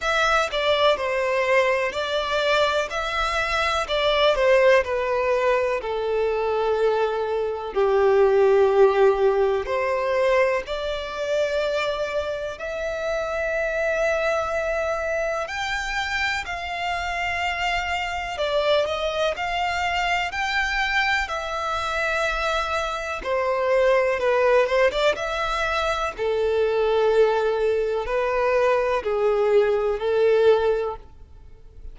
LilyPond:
\new Staff \with { instrumentName = "violin" } { \time 4/4 \tempo 4 = 62 e''8 d''8 c''4 d''4 e''4 | d''8 c''8 b'4 a'2 | g'2 c''4 d''4~ | d''4 e''2. |
g''4 f''2 d''8 dis''8 | f''4 g''4 e''2 | c''4 b'8 c''16 d''16 e''4 a'4~ | a'4 b'4 gis'4 a'4 | }